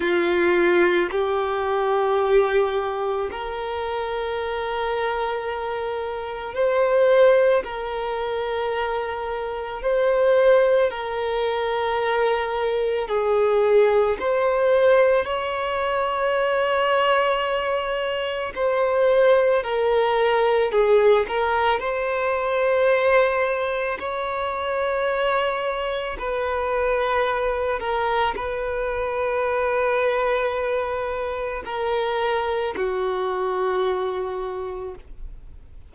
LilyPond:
\new Staff \with { instrumentName = "violin" } { \time 4/4 \tempo 4 = 55 f'4 g'2 ais'4~ | ais'2 c''4 ais'4~ | ais'4 c''4 ais'2 | gis'4 c''4 cis''2~ |
cis''4 c''4 ais'4 gis'8 ais'8 | c''2 cis''2 | b'4. ais'8 b'2~ | b'4 ais'4 fis'2 | }